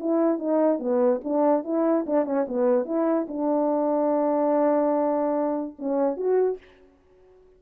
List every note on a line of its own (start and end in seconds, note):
0.00 0.39 E4
0.39 0.79 D#4
0.79 1.20 B3
1.24 1.64 D4
1.64 2.05 E4
2.06 2.25 D4
2.25 2.46 C#4
2.48 2.85 B3
2.85 3.26 E4
3.28 5.76 D4
5.79 6.17 C#4
6.17 6.58 F#4